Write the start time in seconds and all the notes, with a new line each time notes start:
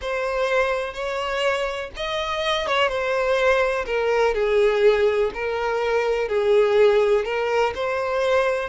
0.01 C5
0.93 C#5
1.96 D#5
2.67 C#5
2.88 C5
3.86 A#4
4.34 G#4
5.34 A#4
6.28 G#4
7.25 A#4
7.75 C5